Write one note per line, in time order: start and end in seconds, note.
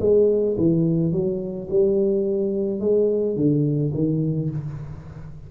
0.00 0.56 G#3
0.57 1.12 E3
1.12 1.68 F#3
1.70 2.80 G3
2.80 3.36 G#3
3.36 3.92 D3
3.93 4.49 D#3